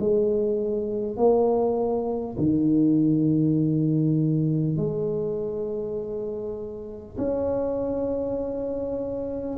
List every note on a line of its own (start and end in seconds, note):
0.00 1.17 G#3
1.17 2.37 A#3
2.37 4.77 D#3
4.77 7.17 G#3
7.18 9.58 C#4